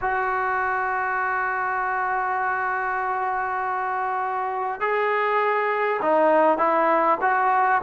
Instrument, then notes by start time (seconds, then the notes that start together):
trombone
0.01 F#4
4.80 G#4
6.02 D#4
6.58 E4
7.21 F#4